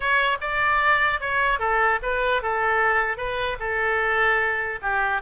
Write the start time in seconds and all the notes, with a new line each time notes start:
0.00 C#5
0.40 D5
1.20 C#5
1.59 A4
2.02 B4
2.42 A4
3.17 B4
3.59 A4
4.81 G4